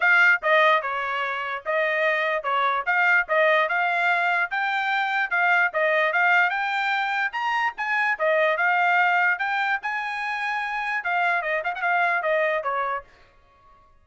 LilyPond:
\new Staff \with { instrumentName = "trumpet" } { \time 4/4 \tempo 4 = 147 f''4 dis''4 cis''2 | dis''2 cis''4 f''4 | dis''4 f''2 g''4~ | g''4 f''4 dis''4 f''4 |
g''2 ais''4 gis''4 | dis''4 f''2 g''4 | gis''2. f''4 | dis''8 f''16 fis''16 f''4 dis''4 cis''4 | }